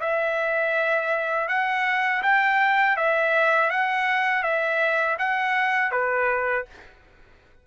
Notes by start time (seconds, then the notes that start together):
0.00 E5
1.47 F#5
2.22 G5
2.96 E5
3.70 F#5
4.42 E5
5.18 F#5
5.91 B4